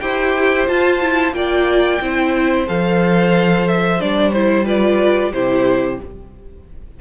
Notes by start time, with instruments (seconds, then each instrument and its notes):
0.00 cello E4, viola G4, violin C5 G5
0.67 viola F4, cello F4, violin A5
1.00 viola E4
1.32 cello A#3, viola F4, violin D5 G5
2.01 cello C4, viola E4, violin C5
2.67 cello F3, viola A4, violin F5
3.68 violin E5
3.99 cello G3, viola D4, violin D5
4.32 viola E4, violin C5
4.65 viola F4, violin B4 D5
5.32 cello C3, viola E4, violin G4 C5